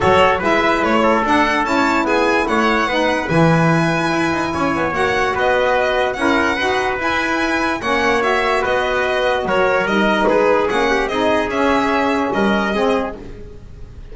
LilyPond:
<<
  \new Staff \with { instrumentName = "violin" } { \time 4/4 \tempo 4 = 146 cis''4 e''4 cis''4 fis''4 | a''4 gis''4 fis''2 | gis''1 | fis''4 dis''2 fis''4~ |
fis''4 gis''2 fis''4 | e''4 dis''2 cis''4 | dis''4 b'4 fis''4 dis''4 | e''2 dis''2 | }
  \new Staff \with { instrumentName = "trumpet" } { \time 4/4 a'4 b'4. a'4.~ | a'16 cis''8. gis'4 cis''4 b'4~ | b'2. cis''4~ | cis''4 b'2 ais'4 |
b'2. cis''4~ | cis''4 b'2 ais'4~ | ais'4 gis'4. g'8 gis'4~ | gis'2 ais'4 gis'4 | }
  \new Staff \with { instrumentName = "saxophone" } { \time 4/4 fis'4 e'2 d'4 | e'2. dis'4 | e'1 | fis'2. e'4 |
fis'4 e'2 cis'4 | fis'1 | dis'2 cis'4 dis'4 | cis'2. c'4 | }
  \new Staff \with { instrumentName = "double bass" } { \time 4/4 fis4 gis4 a4 d'4 | cis'4 b4 a4 b4 | e2 e'8 dis'8 cis'8 b8 | ais4 b2 cis'4 |
dis'4 e'2 ais4~ | ais4 b2 fis4 | g4 gis4 ais4 c'4 | cis'2 g4 gis4 | }
>>